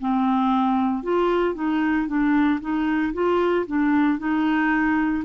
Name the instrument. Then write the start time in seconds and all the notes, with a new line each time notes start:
clarinet
0.00 C4
1.03 F4
1.55 D#4
2.07 D4
2.60 D#4
3.13 F4
3.66 D4
4.18 D#4